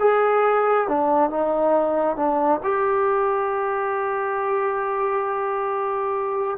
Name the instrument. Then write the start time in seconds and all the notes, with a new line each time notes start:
trombone
0.00 G#4
0.89 D4
1.30 D#4
2.17 D4
2.64 G4